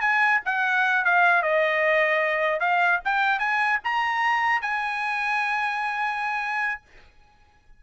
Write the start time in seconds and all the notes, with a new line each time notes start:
0.00 G#5
0.45 F#5
1.04 F5
1.42 D#5
2.60 F5
3.05 G5
3.39 G#5
3.83 A#5
4.61 G#5